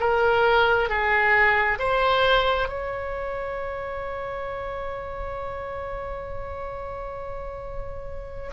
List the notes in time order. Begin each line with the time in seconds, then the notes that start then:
0.00 A#4
0.89 G#4
1.79 C5
2.68 C#5